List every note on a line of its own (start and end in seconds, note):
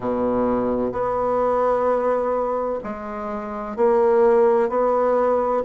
0.00 0.92 B2
0.92 2.79 B3
2.83 3.76 G#3
3.76 4.69 A#3
4.69 5.62 B3